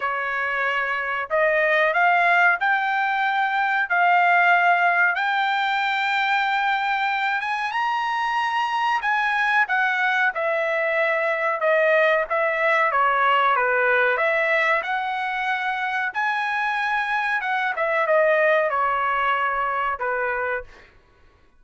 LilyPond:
\new Staff \with { instrumentName = "trumpet" } { \time 4/4 \tempo 4 = 93 cis''2 dis''4 f''4 | g''2 f''2 | g''2.~ g''8 gis''8 | ais''2 gis''4 fis''4 |
e''2 dis''4 e''4 | cis''4 b'4 e''4 fis''4~ | fis''4 gis''2 fis''8 e''8 | dis''4 cis''2 b'4 | }